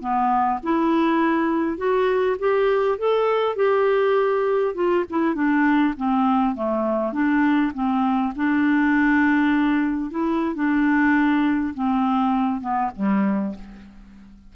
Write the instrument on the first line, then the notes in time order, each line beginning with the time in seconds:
clarinet
0.00 B3
0.63 E4
1.77 F#4
2.39 G4
2.98 A4
3.56 G4
4.75 F4
5.10 E4
5.35 D4
5.97 C4
6.55 A3
7.13 D4
7.74 C4
8.35 D4
10.10 E4
10.55 D4
11.74 C4
12.61 B3
12.96 G3